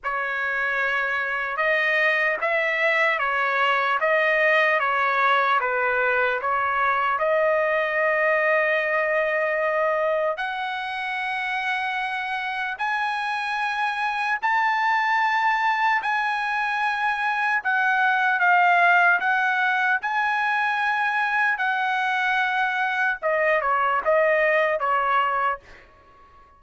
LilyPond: \new Staff \with { instrumentName = "trumpet" } { \time 4/4 \tempo 4 = 75 cis''2 dis''4 e''4 | cis''4 dis''4 cis''4 b'4 | cis''4 dis''2.~ | dis''4 fis''2. |
gis''2 a''2 | gis''2 fis''4 f''4 | fis''4 gis''2 fis''4~ | fis''4 dis''8 cis''8 dis''4 cis''4 | }